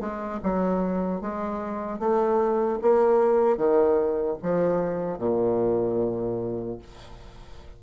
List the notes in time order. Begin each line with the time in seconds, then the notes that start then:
0.00 G#3
0.43 F#3
1.21 G#3
1.99 A3
2.82 A#3
3.57 D#3
4.42 F3
5.18 A#2